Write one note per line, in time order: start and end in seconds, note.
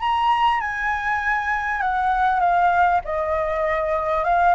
0.00 0.60 A#5
0.60 1.81 G#5
1.81 2.40 F#5
2.40 3.01 F5
3.04 4.24 D#5
4.24 4.54 F5